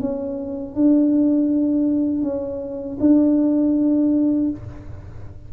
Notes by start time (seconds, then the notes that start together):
0.00 C#4
0.75 D4
2.23 C#4
3.00 D4